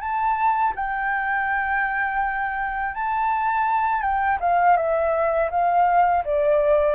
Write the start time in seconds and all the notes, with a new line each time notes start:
0.00 A5
0.75 G5
2.94 A5
4.02 G5
4.40 F5
4.76 E5
5.50 F5
6.25 D5